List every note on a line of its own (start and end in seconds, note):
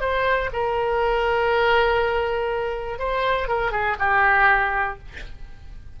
0.00 0.50 C5
0.52 2.98 A#4
2.98 3.48 C5
3.48 3.71 A#4
3.71 3.96 G#4
3.99 4.98 G4